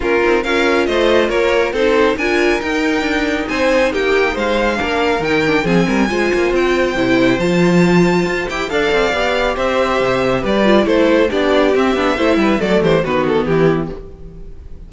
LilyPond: <<
  \new Staff \with { instrumentName = "violin" } { \time 4/4 \tempo 4 = 138 ais'4 f''4 dis''4 cis''4 | c''4 gis''4 g''2 | gis''4 g''4 f''2 | g''4 gis''2 g''4~ |
g''4 a''2~ a''8 g''8 | f''2 e''2 | d''4 c''4 d''4 e''4~ | e''4 d''8 c''8 b'8 a'8 g'4 | }
  \new Staff \with { instrumentName = "violin" } { \time 4/4 f'4 ais'4 c''4 ais'4 | a'4 ais'2. | c''4 g'4 c''4 ais'4~ | ais'4 gis'8 ais'8 c''2~ |
c''1 | d''2 c''2 | b'4 a'4 g'2 | c''8 b'8 a'8 g'8 fis'4 e'4 | }
  \new Staff \with { instrumentName = "viola" } { \time 4/4 cis'8 dis'8 f'2. | dis'4 f'4 dis'2~ | dis'2. d'4 | dis'8 d'8 c'4 f'2 |
e'4 f'2~ f'8 g'8 | a'4 g'2.~ | g'8 f'8 e'4 d'4 c'8 d'8 | e'4 a4 b2 | }
  \new Staff \with { instrumentName = "cello" } { \time 4/4 ais8 c'8 cis'4 a4 ais4 | c'4 d'4 dis'4 d'4 | c'4 ais4 gis4 ais4 | dis4 f8 g8 gis8 ais8 c'4 |
c4 f2 f'8 e'8 | d'8 c'8 b4 c'4 c4 | g4 a4 b4 c'8 b8 | a8 g8 fis8 e8 dis4 e4 | }
>>